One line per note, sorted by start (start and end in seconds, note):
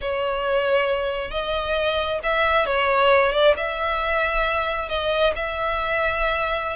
0.01 1.31 C#5
1.31 2.19 D#5
2.23 2.65 E5
2.65 3.32 C#5
3.32 3.54 D5
3.57 4.88 E5
4.88 5.33 D#5
5.35 6.76 E5